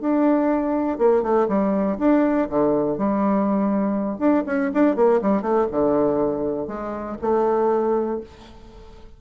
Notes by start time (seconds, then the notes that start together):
0.00 D4
0.98 A#3
1.22 A3
1.48 G3
1.98 D4
2.49 D3
2.97 G3
4.18 D4
4.46 C#4
4.74 D4
4.96 A#3
5.22 G3
5.42 A3
5.71 D3
6.67 G#3
7.21 A3